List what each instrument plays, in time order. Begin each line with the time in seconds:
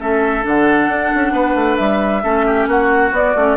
0.00 bassoon A3, clarinet C#4, oboe A4, flute E5
0.43 bassoon D3, clarinet D4, flute F#5
0.88 bassoon D4
1.15 bassoon C#4
1.32 bassoon B3, oboe B4
1.56 bassoon A3
1.77 bassoon G3, flute E5
2.23 bassoon A3, clarinet C#4, oboe A4
2.47 oboe G4
2.67 bassoon A#3, oboe F#4, flute F#5
3.12 bassoon B3, clarinet B3, flute D5
3.36 bassoon A3, clarinet C#4